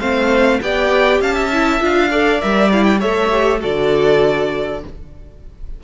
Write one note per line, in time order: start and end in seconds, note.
0.00 0.60 A3
0.00 0.61 C4
0.00 0.60 C5
0.00 0.60 F5
0.62 1.21 B3
0.62 1.52 G4
0.62 1.21 D5
0.62 1.22 G5
1.21 1.80 C#4
1.21 1.34 F5
1.21 1.83 A5
1.34 2.09 E5
1.53 1.80 E4
1.80 2.42 D4
1.80 2.10 F4
1.80 2.41 F5
2.11 2.40 A4
2.11 3.00 D5
2.40 3.03 G3
2.40 2.70 A#4
2.40 2.71 E5
2.72 3.00 E4
2.72 2.84 F5
2.84 2.99 G5
3.00 3.63 A3
3.00 3.30 A4
3.00 3.60 C#5
3.00 3.61 E5
3.32 3.60 G4
3.60 4.83 D3
3.60 4.80 F#4
3.60 4.81 A4
3.60 4.83 D5